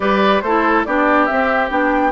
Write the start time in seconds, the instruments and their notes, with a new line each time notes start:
0.00 bassoon G3, clarinet G4, oboe B4, flute D5
0.41 bassoon A3, clarinet E4, oboe A4, flute C5
0.84 bassoon B3, clarinet D4, oboe G4, flute D5
1.26 clarinet C4, bassoon C4, flute E5
1.69 bassoon B3, clarinet D4, flute G5